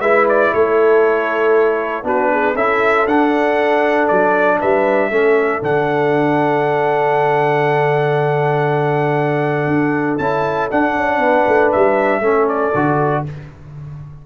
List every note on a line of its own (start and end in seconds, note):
0.00 0.51 G#3
0.00 2.04 E4
0.00 0.52 B4
0.00 0.26 E5
0.29 0.54 D5
0.54 2.04 A3
0.54 2.06 A4
0.54 2.06 C#5
2.04 2.55 B3
2.04 2.55 D4
2.04 2.31 F#4
2.04 2.57 B4
2.32 2.55 G#4
2.55 3.06 C#4
2.55 3.08 E4
2.55 4.58 A4
2.55 3.08 E5
3.06 4.08 D4
3.06 5.12 D4
3.06 4.08 F#5
4.08 4.62 F#3
4.08 4.59 D5
4.59 5.11 G3
4.59 5.10 B4
4.59 5.63 E5
5.11 5.61 A3
5.11 5.63 C#4
5.11 11.20 A4
5.62 9.67 D3
5.62 10.20 D4
5.62 10.18 F#5
9.67 10.18 D4
10.18 10.71 C#4
10.18 10.71 E4
10.18 10.69 A5
10.71 12.23 D4
10.71 10.96 D4
10.71 11.72 F#5
10.96 11.19 C#4
11.19 11.44 B3
11.19 12.21 B4
11.48 11.73 A3
11.72 12.21 G3
11.72 12.49 E5
12.21 12.72 A3
12.21 12.74 C#4
12.21 13.24 A4
12.49 13.25 D5
12.75 13.26 D3
12.75 13.26 F#4